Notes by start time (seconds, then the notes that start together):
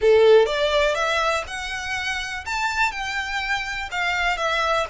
0.01 A4
0.46 D5
0.94 E5
1.47 F#5
2.45 A5
2.91 G5
3.91 F5
4.37 E5